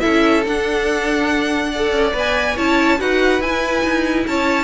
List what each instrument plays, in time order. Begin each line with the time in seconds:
0.00 cello C#4, viola E4, violin A4 E5
0.46 cello D4, viola D4, violin F#5
1.72 viola A4, violin D5
1.92 cello C#4
2.13 cello B3, viola B4, violin G#5
2.56 cello C#4, viola E4, violin C#5 A5
2.98 cello D#4, viola F#4, violin B4 F#5
3.40 cello E4, viola E4, violin G#5
3.83 cello D#4
4.27 cello C#4, violin C#5 A5